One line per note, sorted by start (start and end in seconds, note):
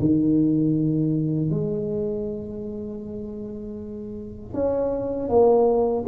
0.00 1.51 D#3
1.51 4.54 G#3
4.54 5.29 C#4
5.29 6.05 A#3